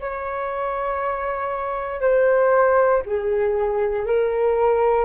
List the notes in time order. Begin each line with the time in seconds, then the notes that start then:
0.00 C#5
2.00 C5
3.05 G#4
4.06 A#4